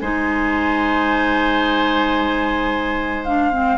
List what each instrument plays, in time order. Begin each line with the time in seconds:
0.00 bassoon G#3, clarinet D#4, oboe C5, flute G#5
3.24 clarinet D4, flute F5
3.52 clarinet C4